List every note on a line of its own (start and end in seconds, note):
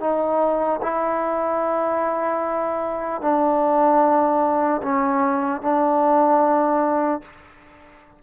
0.00 0.80 D#4
0.82 3.21 E4
3.21 4.81 D4
4.83 5.61 C#4
5.61 7.21 D4